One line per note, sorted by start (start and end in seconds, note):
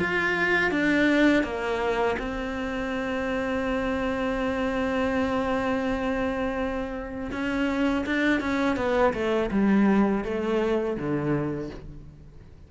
0.00 0.72 F4
0.72 1.44 D4
1.44 2.17 A#3
2.19 7.31 C4
7.32 8.06 C#4
8.07 8.41 D4
8.41 8.77 C#4
8.77 9.14 B3
9.14 9.51 A3
9.52 10.25 G3
10.25 10.97 A3
10.97 11.70 D3